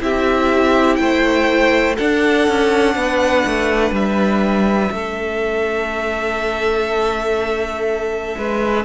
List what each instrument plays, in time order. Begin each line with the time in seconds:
0.00 cello C4, viola E4, violin G4 E5
0.96 cello A3, violin C5 G5
1.96 viola D4, cello D4, violin A4 F#5
2.48 cello C#4
2.96 cello B3, violin B4
3.47 cello A3
3.91 cello G3, violin E5
4.92 cello A3, viola C#4, violin A4
8.38 cello G#3, violin B4